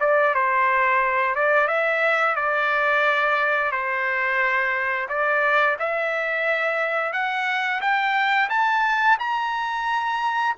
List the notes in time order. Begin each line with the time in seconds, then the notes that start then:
0.00 D5
0.34 C5
1.35 D5
1.67 E5
2.36 D5
3.72 C5
5.09 D5
5.79 E5
7.13 F#5
7.81 G5
8.50 A5
9.19 A#5